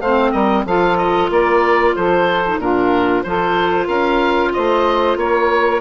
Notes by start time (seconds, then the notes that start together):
0.00 A3 C4 C5 F5
0.31 G3 A#4 D#5
0.65 F3 F4 A4 F5
0.97 D#5
1.30 A#3 A#4 D5
1.95 F3 A4 C5
2.46 D#4
2.58 A#2 D4 F4 A#4
3.23 F3 F4 A4 C5
3.85 C#4 A#4 F5
4.53 A3 C5 D#5
5.16 A#3 A#4 C#5